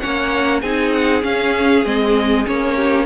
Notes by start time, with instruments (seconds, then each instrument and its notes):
0.00 cello A#3, viola C#4, violin C#5 F#5
0.61 cello C4, viola D#4, violin G#4 G#5
0.93 violin F#5
1.22 viola C#4, cello C#4, violin F5
1.85 cello G#3, viola C4, violin D#5
2.46 cello A#3, viola C#4, violin C#5
2.76 violin G4